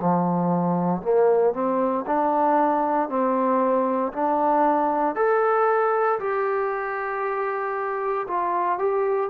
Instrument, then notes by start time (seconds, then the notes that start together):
trombone
0.00 F3
1.02 A#3
1.53 C4
2.06 D4
3.09 C4
4.13 D4
5.15 A4
6.20 G4
8.28 F4
8.78 G4